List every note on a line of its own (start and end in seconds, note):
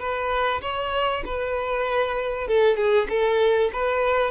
0.00 0.62 B4
0.62 1.24 C#5
1.26 2.48 B4
2.48 2.77 A4
2.77 3.08 G#4
3.10 3.71 A4
3.73 4.32 B4